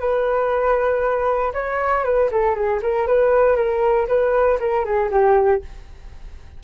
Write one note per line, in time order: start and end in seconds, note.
0.00 1.53 B4
1.54 2.05 C#5
2.05 2.30 B4
2.31 2.55 A4
2.55 2.81 G#4
2.82 3.07 A#4
3.07 3.57 B4
3.57 4.07 A#4
4.08 4.59 B4
4.60 4.85 A#4
4.85 5.11 G#4
5.11 5.62 G4